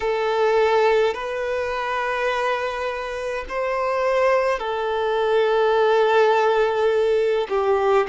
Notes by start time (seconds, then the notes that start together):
0.00 A4
1.14 B4
3.48 C5
4.59 A4
7.48 G4